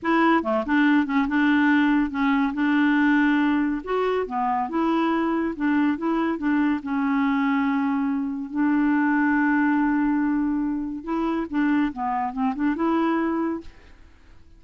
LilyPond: \new Staff \with { instrumentName = "clarinet" } { \time 4/4 \tempo 4 = 141 e'4 a8 d'4 cis'8 d'4~ | d'4 cis'4 d'2~ | d'4 fis'4 b4 e'4~ | e'4 d'4 e'4 d'4 |
cis'1 | d'1~ | d'2 e'4 d'4 | b4 c'8 d'8 e'2 | }